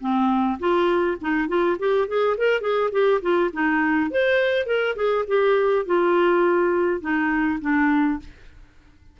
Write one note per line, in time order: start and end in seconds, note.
0.00 0.58 C4
0.59 1.17 F4
1.21 1.48 D#4
1.48 1.77 F4
1.78 2.07 G4
2.07 2.36 G#4
2.37 2.61 A#4
2.61 2.90 G#4
2.91 3.20 G4
3.21 3.50 F4
3.53 4.10 D#4
4.10 4.66 C5
4.66 4.95 A#4
4.95 5.25 G#4
5.27 5.85 G4
5.85 7.01 F4
7.01 7.59 D#4
7.61 8.19 D4